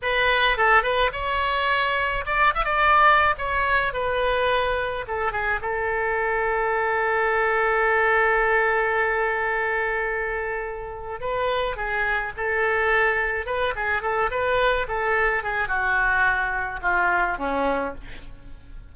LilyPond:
\new Staff \with { instrumentName = "oboe" } { \time 4/4 \tempo 4 = 107 b'4 a'8 b'8 cis''2 | d''8 e''16 d''4~ d''16 cis''4 b'4~ | b'4 a'8 gis'8 a'2~ | a'1~ |
a'1 | b'4 gis'4 a'2 | b'8 gis'8 a'8 b'4 a'4 gis'8 | fis'2 f'4 cis'4 | }